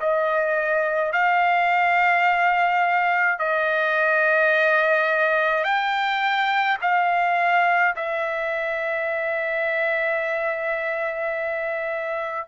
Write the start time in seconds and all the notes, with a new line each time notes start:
0.00 D#5
1.12 F5
3.39 D#5
5.64 G5
6.81 F5
7.96 E5